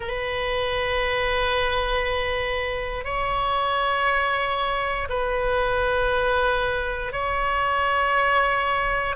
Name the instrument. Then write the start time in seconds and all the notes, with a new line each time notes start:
oboe
0.00 B4
3.04 C#5
5.09 B4
7.12 C#5